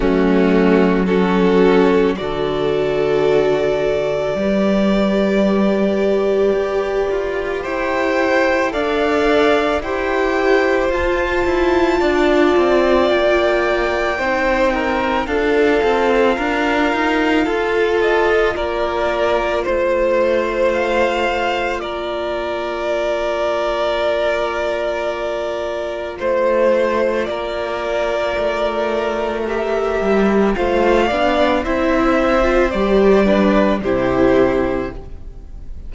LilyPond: <<
  \new Staff \with { instrumentName = "violin" } { \time 4/4 \tempo 4 = 55 fis'4 a'4 d''2~ | d''2. g''4 | f''4 g''4 a''2 | g''2 f''2~ |
f''8 dis''8 d''4 c''4 f''4 | d''1 | c''4 d''2 e''4 | f''4 e''4 d''4 c''4 | }
  \new Staff \with { instrumentName = "violin" } { \time 4/4 cis'4 fis'4 a'2 | b'2. c''4 | d''4 c''2 d''4~ | d''4 c''8 ais'8 a'4 ais'4 |
a'4 ais'4 c''2 | ais'1 | c''4 ais'2. | c''8 d''8 c''4. b'8 g'4 | }
  \new Staff \with { instrumentName = "viola" } { \time 4/4 a4 cis'4 fis'2 | g'1 | a'4 g'4 f'2~ | f'4 dis'4 f'2~ |
f'1~ | f'1~ | f'2. g'4 | f'8 d'8 e'8. f'16 g'8 d'8 e'4 | }
  \new Staff \with { instrumentName = "cello" } { \time 4/4 fis2 d2 | g2 g'8 f'8 e'4 | d'4 e'4 f'8 e'8 d'8 c'8 | ais4 c'4 d'8 c'8 d'8 dis'8 |
f'4 ais4 a2 | ais1 | a4 ais4 a4. g8 | a8 b8 c'4 g4 c4 | }
>>